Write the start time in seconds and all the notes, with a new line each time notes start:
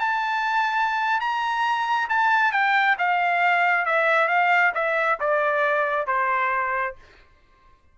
0.00 A5
1.21 A#5
2.10 A5
2.53 G5
2.99 F5
3.86 E5
4.29 F5
4.75 E5
5.20 D5
6.07 C5